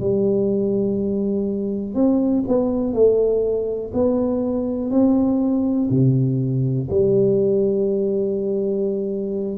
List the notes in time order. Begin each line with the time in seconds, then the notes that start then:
0.00 G3
1.94 C4
2.48 B3
2.93 A3
3.93 B3
4.90 C4
5.90 C3
6.90 G3